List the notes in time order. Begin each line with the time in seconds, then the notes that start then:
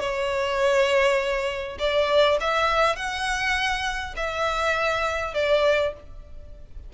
0.00 C#5
1.79 D5
2.41 E5
2.96 F#5
4.16 E5
5.34 D5